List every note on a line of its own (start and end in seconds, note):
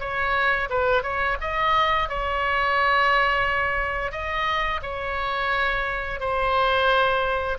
0.00 0.69 C#5
0.70 1.03 B4
1.03 1.37 C#5
1.41 2.09 D#5
2.09 4.12 C#5
4.12 4.81 D#5
4.82 6.20 C#5
6.20 7.58 C5